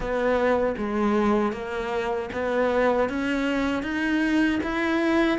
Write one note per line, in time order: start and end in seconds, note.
0.00 0.75 B3
0.77 1.52 G#3
1.52 2.29 A#3
2.33 3.09 B3
3.09 3.83 C#4
3.83 4.59 D#4
4.63 5.38 E4